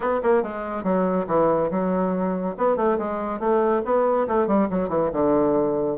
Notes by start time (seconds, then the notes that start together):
0.00 B3
0.22 A#3
0.42 G#3
0.83 F#3
1.27 E3
1.70 F#3
2.57 B3
2.76 A3
2.98 G#3
3.39 A3
3.84 B3
4.27 A3
4.47 G3
4.69 F#3
4.88 E3
5.12 D3